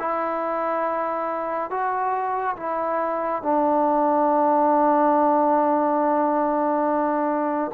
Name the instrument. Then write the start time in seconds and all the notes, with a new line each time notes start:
trombone
0.00 E4
1.71 F#4
2.57 E4
3.43 D4